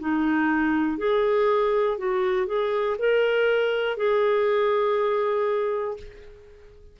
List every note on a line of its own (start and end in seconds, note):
0.00 0.97 D#4
0.97 1.97 G#4
1.98 2.47 F#4
2.47 2.97 G#4
2.99 3.97 A#4
3.97 5.97 G#4